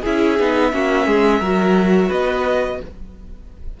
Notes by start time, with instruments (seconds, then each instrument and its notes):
0.00 cello C#4, viola E4, violin G#4 E5
0.39 cello B3, viola D#4
0.71 cello A#3, viola C#4, violin F#4
1.05 cello G#3, violin G#4
1.39 cello F#3, viola F#4, violin A#4
2.08 cello B3, violin B4 D#5